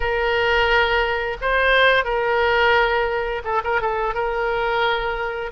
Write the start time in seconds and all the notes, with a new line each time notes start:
0.00 A#4
1.41 C5
2.04 A#4
3.44 A4
3.64 A#4
3.81 A4
4.14 A#4